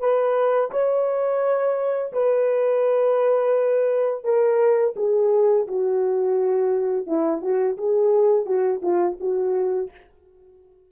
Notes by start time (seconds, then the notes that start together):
0.00 B4
0.71 C#5
2.13 B4
4.24 A#4
4.96 G#4
5.68 F#4
7.07 E4
7.41 F#4
7.77 G#4
8.45 F#4
8.82 F4
9.20 F#4